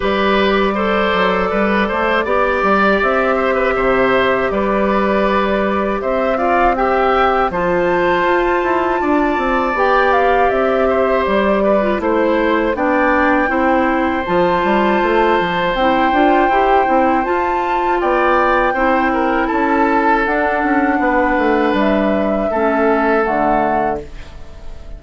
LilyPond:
<<
  \new Staff \with { instrumentName = "flute" } { \time 4/4 \tempo 4 = 80 d''1 | e''2 d''2 | e''8 f''8 g''4 a''2~ | a''4 g''8 f''8 e''4 d''4 |
c''4 g''2 a''4~ | a''4 g''2 a''4 | g''2 a''4 fis''4~ | fis''4 e''2 fis''4 | }
  \new Staff \with { instrumentName = "oboe" } { \time 4/4 b'4 c''4 b'8 c''8 d''4~ | d''8 c''16 b'16 c''4 b'2 | c''8 d''8 e''4 c''2 | d''2~ d''8 c''4 b'8 |
c''4 d''4 c''2~ | c''1 | d''4 c''8 ais'8 a'2 | b'2 a'2 | }
  \new Staff \with { instrumentName = "clarinet" } { \time 4/4 g'4 a'2 g'4~ | g'1~ | g'8 f'8 g'4 f'2~ | f'4 g'2~ g'8. f'16 |
e'4 d'4 e'4 f'4~ | f'4 e'8 f'8 g'8 e'8 f'4~ | f'4 e'2 d'4~ | d'2 cis'4 a4 | }
  \new Staff \with { instrumentName = "bassoon" } { \time 4/4 g4. fis8 g8 a8 b8 g8 | c'4 c4 g2 | c'2 f4 f'8 e'8 | d'8 c'8 b4 c'4 g4 |
a4 b4 c'4 f8 g8 | a8 f8 c'8 d'8 e'8 c'8 f'4 | b4 c'4 cis'4 d'8 cis'8 | b8 a8 g4 a4 d4 | }
>>